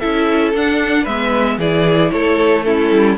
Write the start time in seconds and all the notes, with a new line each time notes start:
0.00 C#4 E4 A4 E5
0.54 D4 F#5
1.03 G#3 B3 B4 E5
1.58 E3 E4 G#4 D5
2.12 A3 A4 C#5
2.64 C#4 E4 A4
2.91 G3